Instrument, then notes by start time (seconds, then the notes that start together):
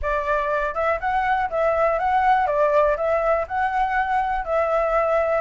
flute
0.01 D5
0.74 E5
1.00 F#5
1.49 E5
1.98 F#5
2.46 D5
2.96 E5
3.47 F#5
4.44 E5